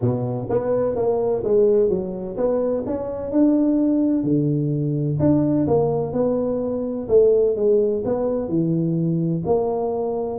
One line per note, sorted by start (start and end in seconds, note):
0.01 0.48 B2
0.49 0.95 B3
0.95 1.43 A#3
1.43 1.89 G#3
1.89 2.36 F#3
2.36 2.83 B3
2.86 3.31 C#4
3.31 4.23 D4
4.23 5.18 D3
5.19 5.66 D4
5.67 6.13 A#3
6.13 7.07 B3
7.08 7.55 A3
7.56 8.03 G#3
8.04 8.48 B3
8.48 9.43 E3
9.45 10.39 A#3